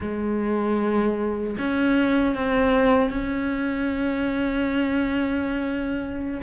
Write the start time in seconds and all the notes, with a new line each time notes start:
0.00 G#3
1.58 C#4
2.35 C4
3.10 C#4